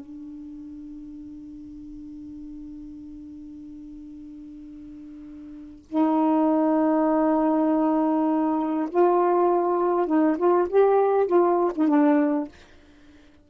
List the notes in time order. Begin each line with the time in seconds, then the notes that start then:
0.00 D4
5.89 D#4
8.90 F4
10.07 D#4
10.37 F4
10.69 G4
11.27 F4
11.76 D#4
11.88 D4